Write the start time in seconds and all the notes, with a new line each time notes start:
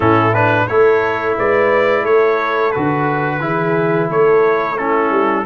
0.00 A2 C#4 E4 A4
0.34 D4 B4
0.67 A3 E4 A4 C#5
1.37 G#3 B4 D5
2.02 A3 A4 C#5
2.71 D3 F#4 B4
3.40 E3 E4 G#4
4.09 A3 A4 C#5
4.77 C#4 E4 A4
5.10 G3